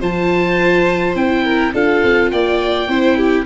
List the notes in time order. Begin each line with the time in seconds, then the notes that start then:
0.00 F3 F4 C5 A5
1.15 C4 E4 G5
1.44 A#4
1.74 D4 F4 A4 F5
2.03 C4
2.31 A#3 D5 G5
2.88 C4 E4 C5
3.17 G4